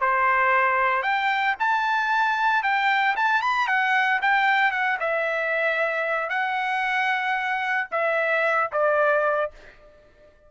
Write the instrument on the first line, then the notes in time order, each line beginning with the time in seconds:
trumpet
0.00 C5
1.03 G5
1.59 A5
2.63 G5
3.16 A5
3.42 B5
3.67 F#5
4.22 G5
4.71 F#5
5.00 E5
6.29 F#5
7.91 E5
8.72 D5